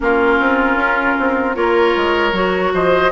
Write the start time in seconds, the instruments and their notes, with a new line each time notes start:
0.00 bassoon A#3, clarinet C#4, oboe F4, flute A#4
0.40 bassoon C4
0.75 bassoon C#4
1.19 bassoon C4
1.54 bassoon A#3, clarinet F4, oboe A#4, flute C#5
1.96 bassoon G#3
2.32 bassoon F#3, clarinet F#4
2.73 bassoon F3, oboe C5, flute D#5